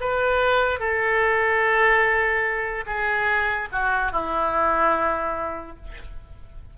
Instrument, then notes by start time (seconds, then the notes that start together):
oboe
0.00 B4
0.79 A4
2.86 G#4
3.72 F#4
4.12 E4